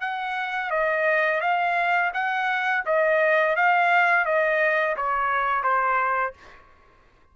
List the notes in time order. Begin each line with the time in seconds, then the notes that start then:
0.00 F#5
0.70 D#5
1.41 F5
2.13 F#5
2.85 D#5
3.56 F5
4.25 D#5
4.96 C#5
5.63 C5